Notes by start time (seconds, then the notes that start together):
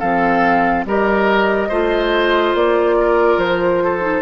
0.00 F3 C4 A4 F5
0.85 G3 G4 A#4 D#5
1.69 A3 F4 C5
2.55 A#3 D5
3.00 A#4
3.38 F3 C5
3.84 A4
4.01 D#4